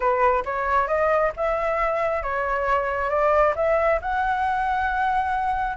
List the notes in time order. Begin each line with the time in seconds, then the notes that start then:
0.00 B4
0.45 C#5
0.87 D#5
1.36 E5
2.22 C#5
3.09 D5
3.55 E5
4.01 F#5